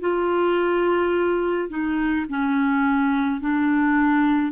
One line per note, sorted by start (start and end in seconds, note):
0.00 1.69 F4
1.69 2.26 D#4
2.29 3.41 C#4
3.41 4.52 D4